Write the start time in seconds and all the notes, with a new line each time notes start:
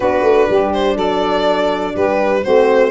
0.00 B3 D4 F#4 B4
0.22 A3
0.49 G3 G4
0.72 C5
0.95 F#3 A4 D5
1.95 G3 G4 B4
2.42 A3 C4 F#4 C5